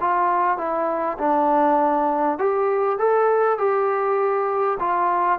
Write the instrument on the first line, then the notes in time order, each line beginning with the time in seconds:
trombone
0.00 F4
0.57 E4
1.18 D4
2.38 G4
2.98 A4
3.58 G4
4.79 F4